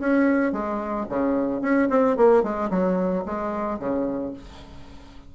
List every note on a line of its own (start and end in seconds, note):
0.00 0.52 C#4
0.52 1.06 G#3
1.09 1.61 C#3
1.61 1.88 C#4
1.89 2.16 C4
2.17 2.43 A#3
2.43 2.70 G#3
2.70 3.24 F#3
3.26 3.79 G#3
3.79 4.33 C#3